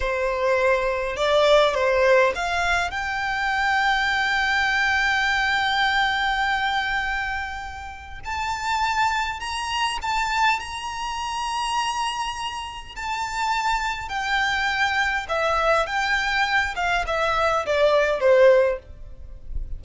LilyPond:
\new Staff \with { instrumentName = "violin" } { \time 4/4 \tempo 4 = 102 c''2 d''4 c''4 | f''4 g''2.~ | g''1~ | g''2 a''2 |
ais''4 a''4 ais''2~ | ais''2 a''2 | g''2 e''4 g''4~ | g''8 f''8 e''4 d''4 c''4 | }